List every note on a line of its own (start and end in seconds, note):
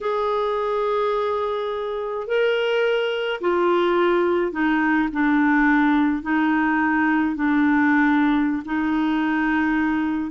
0.00 2.27 G#4
2.27 3.40 A#4
3.40 4.52 F4
4.52 5.08 D#4
5.12 6.22 D4
6.22 7.35 D#4
7.35 8.62 D4
8.65 10.30 D#4